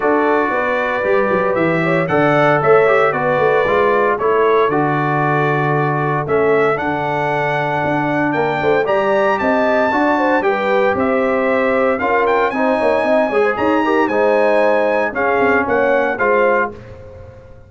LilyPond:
<<
  \new Staff \with { instrumentName = "trumpet" } { \time 4/4 \tempo 4 = 115 d''2. e''4 | fis''4 e''4 d''2 | cis''4 d''2. | e''4 fis''2. |
g''4 ais''4 a''2 | g''4 e''2 f''8 g''8 | gis''2 ais''4 gis''4~ | gis''4 f''4 fis''4 f''4 | }
  \new Staff \with { instrumentName = "horn" } { \time 4/4 a'4 b'2~ b'8 cis''8 | d''4 cis''4 b'2 | a'1~ | a'1 |
ais'8 c''8 d''4 dis''4 d''8 c''8 | b'4 c''2 ais'4 | c''8 cis''8 dis''8 cis''16 c''16 cis''8 ais'8 c''4~ | c''4 gis'4 cis''4 c''4 | }
  \new Staff \with { instrumentName = "trombone" } { \time 4/4 fis'2 g'2 | a'4. g'8 fis'4 f'4 | e'4 fis'2. | cis'4 d'2.~ |
d'4 g'2 fis'4 | g'2. f'4 | dis'4. gis'4 g'8 dis'4~ | dis'4 cis'2 f'4 | }
  \new Staff \with { instrumentName = "tuba" } { \time 4/4 d'4 b4 g8 fis8 e4 | d4 a4 b8 a8 gis4 | a4 d2. | a4 d2 d'4 |
ais8 a8 g4 c'4 d'4 | g4 c'2 cis'4 | c'8 ais8 c'8 gis8 dis'4 gis4~ | gis4 cis'8 c'8 ais4 gis4 | }
>>